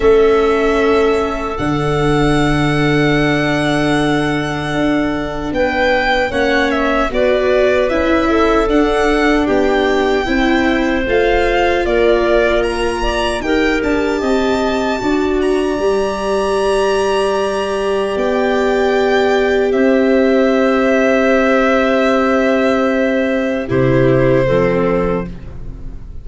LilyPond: <<
  \new Staff \with { instrumentName = "violin" } { \time 4/4 \tempo 4 = 76 e''2 fis''2~ | fis''2. g''4 | fis''8 e''8 d''4 e''4 fis''4 | g''2 f''4 d''4 |
ais''4 g''8 a''2 ais''8~ | ais''2. g''4~ | g''4 e''2.~ | e''2 c''2 | }
  \new Staff \with { instrumentName = "clarinet" } { \time 4/4 a'1~ | a'2. b'4 | cis''4 b'4. a'4. | g'4 c''2 ais'4~ |
ais'8 d''8 ais'4 dis''4 d''4~ | d''1~ | d''4 c''2.~ | c''2 g'4 a'4 | }
  \new Staff \with { instrumentName = "viola" } { \time 4/4 cis'2 d'2~ | d'1 | cis'4 fis'4 e'4 d'4~ | d'4 e'4 f'2~ |
f'4 g'2 fis'4 | g'1~ | g'1~ | g'2 e'4 c'4 | }
  \new Staff \with { instrumentName = "tuba" } { \time 4/4 a2 d2~ | d2 d'4 b4 | ais4 b4 cis'4 d'4 | b4 c'4 a4 ais4~ |
ais4 dis'8 d'8 c'4 d'4 | g2. b4~ | b4 c'2.~ | c'2 c4 f4 | }
>>